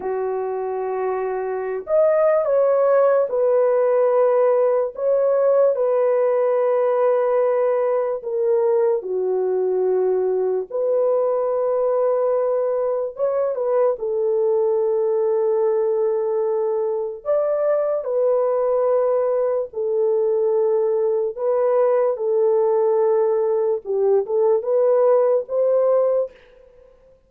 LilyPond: \new Staff \with { instrumentName = "horn" } { \time 4/4 \tempo 4 = 73 fis'2~ fis'16 dis''8. cis''4 | b'2 cis''4 b'4~ | b'2 ais'4 fis'4~ | fis'4 b'2. |
cis''8 b'8 a'2.~ | a'4 d''4 b'2 | a'2 b'4 a'4~ | a'4 g'8 a'8 b'4 c''4 | }